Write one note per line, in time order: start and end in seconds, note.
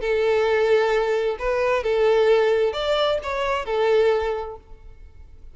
0.00 1.36 A4
1.38 1.83 B4
1.83 2.73 A4
2.73 3.18 D5
3.23 3.65 C#5
3.65 4.56 A4